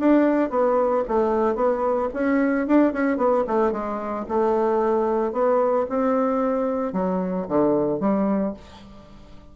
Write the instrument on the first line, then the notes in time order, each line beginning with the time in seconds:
bassoon
0.00 D4
0.50 B3
1.09 A3
1.56 B3
2.14 C#4
2.68 D4
2.93 C#4
3.18 B3
3.48 A3
3.73 G#3
4.29 A3
5.33 B3
5.90 C4
6.93 F#3
7.49 D3
8.00 G3